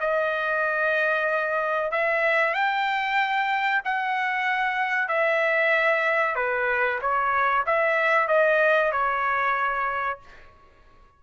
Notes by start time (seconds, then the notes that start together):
0.00 D#5
1.91 E5
2.54 G5
3.84 F#5
5.08 E5
6.35 B4
7.01 C#5
7.66 E5
8.27 D#5
8.91 C#5